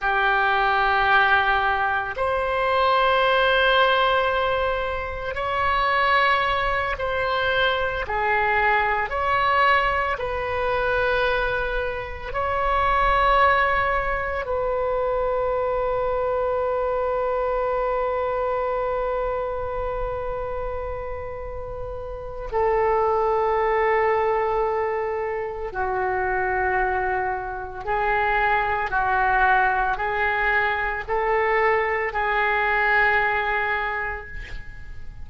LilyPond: \new Staff \with { instrumentName = "oboe" } { \time 4/4 \tempo 4 = 56 g'2 c''2~ | c''4 cis''4. c''4 gis'8~ | gis'8 cis''4 b'2 cis''8~ | cis''4. b'2~ b'8~ |
b'1~ | b'4 a'2. | fis'2 gis'4 fis'4 | gis'4 a'4 gis'2 | }